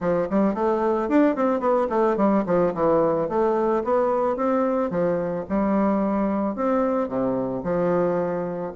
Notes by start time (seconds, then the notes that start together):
0.00 F3
0.30 G3
0.54 A3
1.08 D4
1.35 C4
1.60 B3
1.89 A3
2.17 G3
2.45 F3
2.74 E3
3.28 A3
3.84 B3
4.36 C4
4.90 F3
5.49 G3
6.55 C4
7.08 C3
7.63 F3